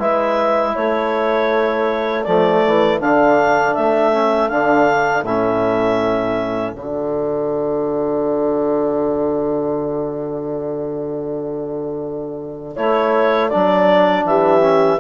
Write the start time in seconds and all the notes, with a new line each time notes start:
0.00 G#3 E4 B4 E5
0.75 A3 A4 C#5
2.24 F3 A3 D5
2.67 E3
3.00 D3 D4 F5
3.75 A3 E5
4.12 C#4
4.49 D3 D4 F5
5.23 A2 C#4 E5
6.72 D3 F#4 D5
12.75 A3 E4 C#5
13.49 F#3 D4 D5
14.24 E3 G4 E5
14.61 C#4